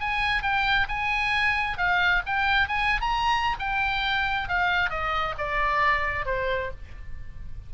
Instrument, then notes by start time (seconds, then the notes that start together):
oboe
0.00 G#5
0.42 G5
0.88 G#5
1.77 F5
2.26 G5
2.68 G#5
3.01 A#5
3.59 G5
4.48 F5
4.90 D#5
5.38 D5
6.26 C5